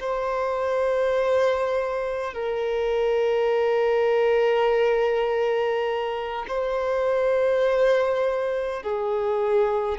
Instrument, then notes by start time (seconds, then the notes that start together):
violin
0.00 C5
2.34 A#4
6.48 C5
8.83 G#4